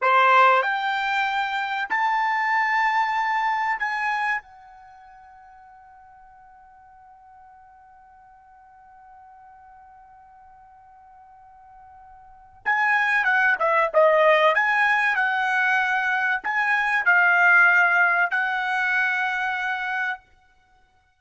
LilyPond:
\new Staff \with { instrumentName = "trumpet" } { \time 4/4 \tempo 4 = 95 c''4 g''2 a''4~ | a''2 gis''4 fis''4~ | fis''1~ | fis''1~ |
fis''1 | gis''4 fis''8 e''8 dis''4 gis''4 | fis''2 gis''4 f''4~ | f''4 fis''2. | }